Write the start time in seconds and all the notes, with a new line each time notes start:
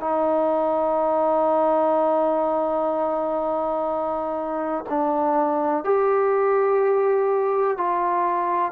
0.00 D#4
4.89 D4
5.84 G4
7.77 F4